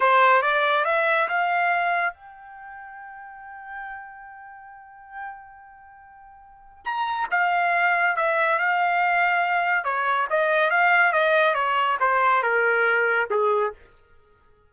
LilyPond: \new Staff \with { instrumentName = "trumpet" } { \time 4/4 \tempo 4 = 140 c''4 d''4 e''4 f''4~ | f''4 g''2.~ | g''1~ | g''1 |
ais''4 f''2 e''4 | f''2. cis''4 | dis''4 f''4 dis''4 cis''4 | c''4 ais'2 gis'4 | }